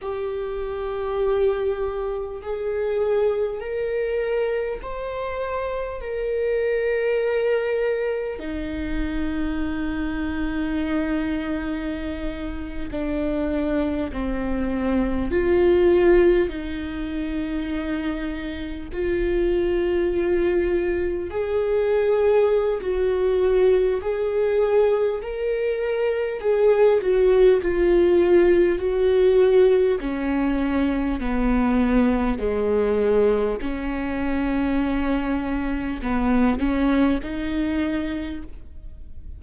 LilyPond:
\new Staff \with { instrumentName = "viola" } { \time 4/4 \tempo 4 = 50 g'2 gis'4 ais'4 | c''4 ais'2 dis'4~ | dis'2~ dis'8. d'4 c'16~ | c'8. f'4 dis'2 f'16~ |
f'4.~ f'16 gis'4~ gis'16 fis'4 | gis'4 ais'4 gis'8 fis'8 f'4 | fis'4 cis'4 b4 gis4 | cis'2 b8 cis'8 dis'4 | }